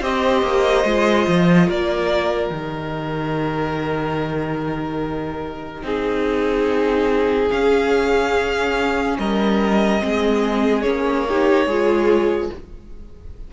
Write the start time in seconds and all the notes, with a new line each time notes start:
0.00 C4 G4 C5 D#5
0.43 A#3
0.85 G#3 F4
1.27 F3
1.68 A#3 A#4 D5
2.50 D#3 G4 D#5
5.82 C4 D#4 G#4
7.51 C#4 F5
9.18 G3 A#4 D#5
9.99 G#3 C4 G#4
10.82 A#3 C#4 C#5
11.28 D#4 G4
11.66 G#3 F4 G#4